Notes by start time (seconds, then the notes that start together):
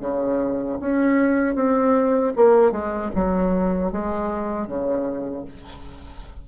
0.00 C#3
0.80 C#4
1.55 C4
2.36 A#3
2.71 G#3
3.15 F#3
3.92 G#3
4.67 C#3